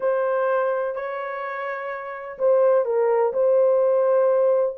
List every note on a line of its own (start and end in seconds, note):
0.00 0.95 C5
0.95 2.38 C#5
2.38 2.85 C5
2.85 3.32 A#4
3.33 4.76 C5